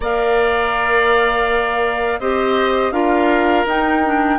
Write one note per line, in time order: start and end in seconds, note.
0.00 2.19 A#3
0.00 2.21 A#4
0.00 2.20 D5
0.00 2.20 F5
2.19 2.91 C4
2.19 2.92 G4
2.19 2.92 C5
2.19 2.92 D#5
2.91 3.64 D4
2.91 3.65 F4
2.91 4.38 A#4
2.91 3.65 F5
3.65 4.38 D#4
3.65 4.04 D#4
3.65 4.38 G5
4.04 4.38 D4